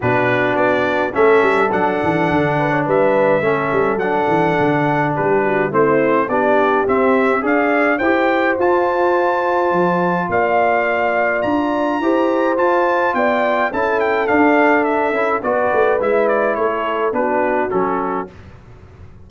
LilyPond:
<<
  \new Staff \with { instrumentName = "trumpet" } { \time 4/4 \tempo 4 = 105 b'4 d''4 e''4 fis''4~ | fis''4 e''2 fis''4~ | fis''4 b'4 c''4 d''4 | e''4 f''4 g''4 a''4~ |
a''2 f''2 | ais''2 a''4 g''4 | a''8 g''8 f''4 e''4 d''4 | e''8 d''8 cis''4 b'4 a'4 | }
  \new Staff \with { instrumentName = "horn" } { \time 4/4 fis'2 a'2~ | a'8 b'16 cis''16 b'4 a'2~ | a'4 g'8 fis'8 e'4 g'4~ | g'4 d''4 c''2~ |
c''2 d''2~ | d''4 c''2 d''4 | a'2. b'4~ | b'4 a'4 fis'2 | }
  \new Staff \with { instrumentName = "trombone" } { \time 4/4 d'2 cis'4 d'4~ | d'2 cis'4 d'4~ | d'2 c'4 d'4 | c'4 gis'4 g'4 f'4~ |
f'1~ | f'4 g'4 f'2 | e'4 d'4. e'8 fis'4 | e'2 d'4 cis'4 | }
  \new Staff \with { instrumentName = "tuba" } { \time 4/4 b,4 b4 a8 g8 fis8 e8 | d4 g4 a8 g8 fis8 e8 | d4 g4 a4 b4 | c'4 d'4 e'4 f'4~ |
f'4 f4 ais2 | d'4 e'4 f'4 b4 | cis'4 d'4. cis'8 b8 a8 | gis4 a4 b4 fis4 | }
>>